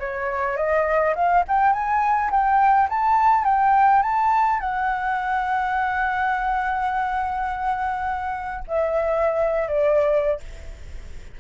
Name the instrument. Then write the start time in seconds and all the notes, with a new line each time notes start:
flute
0.00 C#5
0.57 D#5
1.15 F5
1.48 G5
1.73 G#5
2.31 G5
2.89 A5
3.45 G5
4.03 A5
4.60 F#5
8.68 E5
9.68 D5